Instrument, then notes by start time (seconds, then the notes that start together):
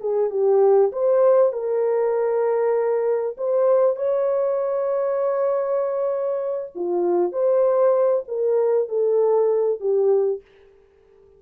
horn
0.00 G#4
0.30 G4
0.92 C5
1.52 A#4
3.37 C5
3.96 C#5
6.75 F4
7.32 C5
8.27 A#4
8.89 A4
9.80 G4